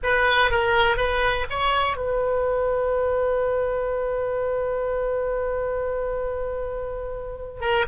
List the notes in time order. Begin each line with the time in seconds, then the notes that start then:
0.03 B4
0.50 A#4
0.97 B4
1.50 C#5
1.96 B4
7.61 A#4